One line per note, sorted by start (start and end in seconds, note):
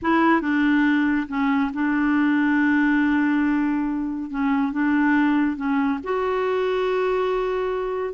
0.02 0.41 E4
0.41 1.27 D4
1.28 1.71 C#4
1.73 4.30 D4
4.30 4.72 C#4
4.72 5.56 D4
5.56 5.99 C#4
6.03 8.13 F#4